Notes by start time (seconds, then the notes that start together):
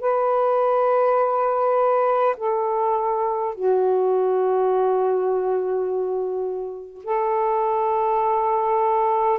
0.00 B4
2.37 A4
3.55 F#4
7.04 A4